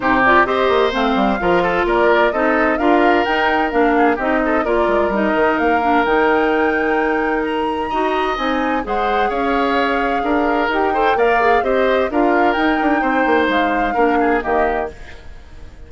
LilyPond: <<
  \new Staff \with { instrumentName = "flute" } { \time 4/4 \tempo 4 = 129 c''8 d''8 dis''4 f''2 | d''4 dis''4 f''4 g''4 | f''4 dis''4 d''4 dis''4 | f''4 g''2. |
ais''2 gis''4 fis''4 | f''2. g''4 | f''4 dis''4 f''4 g''4~ | g''4 f''2 dis''4 | }
  \new Staff \with { instrumentName = "oboe" } { \time 4/4 g'4 c''2 ais'8 a'8 | ais'4 a'4 ais'2~ | ais'8 gis'8 g'8 a'8 ais'2~ | ais'1~ |
ais'4 dis''2 c''4 | cis''2 ais'4. c''8 | d''4 c''4 ais'2 | c''2 ais'8 gis'8 g'4 | }
  \new Staff \with { instrumentName = "clarinet" } { \time 4/4 dis'8 f'8 g'4 c'4 f'4~ | f'4 dis'4 f'4 dis'4 | d'4 dis'4 f'4 dis'4~ | dis'8 d'8 dis'2.~ |
dis'4 fis'4 dis'4 gis'4~ | gis'2. g'8 a'8 | ais'8 gis'8 g'4 f'4 dis'4~ | dis'2 d'4 ais4 | }
  \new Staff \with { instrumentName = "bassoon" } { \time 4/4 c4 c'8 ais8 a8 g8 f4 | ais4 c'4 d'4 dis'4 | ais4 c'4 ais8 gis8 g8 dis8 | ais4 dis2.~ |
dis4 dis'4 c'4 gis4 | cis'2 d'4 dis'4 | ais4 c'4 d'4 dis'8 d'8 | c'8 ais8 gis4 ais4 dis4 | }
>>